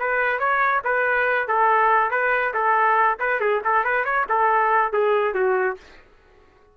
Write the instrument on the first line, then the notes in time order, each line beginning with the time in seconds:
trumpet
0.00 B4
0.40 C#5
0.85 B4
1.48 A4
2.11 B4
2.54 A4
3.20 B4
3.41 G#4
3.65 A4
3.85 B4
4.05 C#5
4.30 A4
4.93 G#4
5.35 F#4